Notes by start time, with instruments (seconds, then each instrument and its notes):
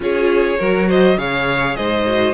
0.00 cello C#4, viola F4, violin G#4 C#5
0.58 cello F#3, viola F#4, violin A#4
0.87 violin C5 D#5
1.17 cello C#3, viola G#4, violin C#5 F5
1.76 cello G#2, violin C5 D#5
2.06 viola F#4